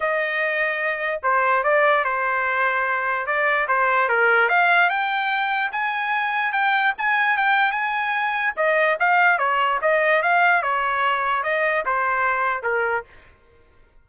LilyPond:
\new Staff \with { instrumentName = "trumpet" } { \time 4/4 \tempo 4 = 147 dis''2. c''4 | d''4 c''2. | d''4 c''4 ais'4 f''4 | g''2 gis''2 |
g''4 gis''4 g''4 gis''4~ | gis''4 dis''4 f''4 cis''4 | dis''4 f''4 cis''2 | dis''4 c''2 ais'4 | }